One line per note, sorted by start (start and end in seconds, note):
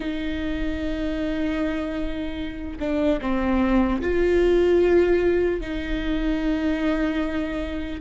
0.00 2.78 D#4
2.79 3.19 D4
3.21 4.01 C4
4.01 5.60 F4
5.60 8.00 D#4